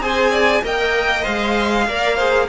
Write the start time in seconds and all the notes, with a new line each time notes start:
0.00 C4 G#4 C5 G#5
0.31 D5
0.64 A#3 A#4 D#5 G5
1.22 G#3 C5 F5
1.88 A#3 A#4 D5
2.15 G#4 C5